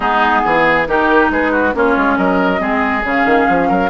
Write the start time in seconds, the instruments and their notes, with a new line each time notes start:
0.00 bassoon G#3, clarinet B3, oboe D#4, flute G#4
0.44 bassoon E3, oboe G#4
0.86 bassoon D#3, clarinet D#4, oboe G4, flute A#4
1.30 bassoon G#3, oboe G#4, flute B4
1.51 oboe F#4
1.73 bassoon A#3, clarinet C#4, oboe F4, flute C#5
1.96 bassoon G#3
2.17 bassoon F#3, oboe A#4, flute D#5
2.57 bassoon G#3, clarinet C4, oboe G#4
3.04 bassoon C#3, clarinet C#4, flute F5
3.25 bassoon D#3
3.48 bassoon F3
3.68 bassoon F#3, oboe A#4